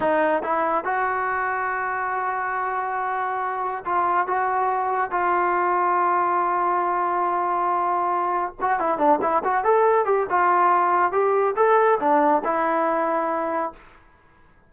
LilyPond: \new Staff \with { instrumentName = "trombone" } { \time 4/4 \tempo 4 = 140 dis'4 e'4 fis'2~ | fis'1~ | fis'4 f'4 fis'2 | f'1~ |
f'1 | fis'8 e'8 d'8 e'8 fis'8 a'4 g'8 | f'2 g'4 a'4 | d'4 e'2. | }